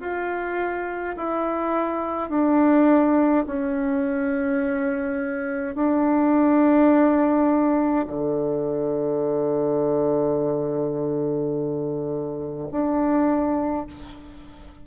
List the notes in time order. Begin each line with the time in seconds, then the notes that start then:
0.00 F4
1.16 E4
2.30 D4
3.46 C#4
5.75 D4
8.07 D3
12.71 D4